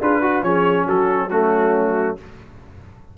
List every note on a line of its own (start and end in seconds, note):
0.00 0.43 D4
0.00 0.23 F4
0.00 0.22 G#4
0.00 0.44 B4
0.22 0.44 F#4
0.22 0.43 F#4
0.43 0.87 F3
0.43 1.30 C#4
0.43 0.87 G#4
0.43 0.87 C#5
0.87 2.18 F#3
0.87 1.30 F#4
0.87 1.31 A4
1.31 2.18 A3
1.31 2.18 C#4
1.31 2.17 F#4